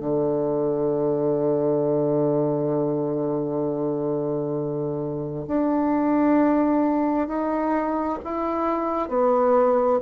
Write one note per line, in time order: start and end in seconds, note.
0.00 5.45 D3
5.48 7.28 D4
7.28 8.19 D#4
8.25 9.09 E4
9.09 10.00 B3